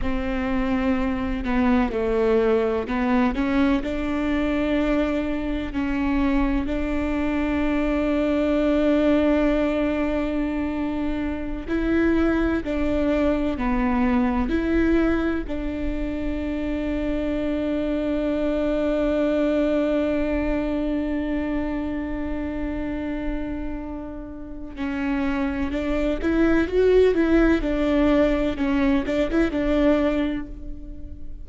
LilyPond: \new Staff \with { instrumentName = "viola" } { \time 4/4 \tempo 4 = 63 c'4. b8 a4 b8 cis'8 | d'2 cis'4 d'4~ | d'1~ | d'16 e'4 d'4 b4 e'8.~ |
e'16 d'2.~ d'8.~ | d'1~ | d'2 cis'4 d'8 e'8 | fis'8 e'8 d'4 cis'8 d'16 e'16 d'4 | }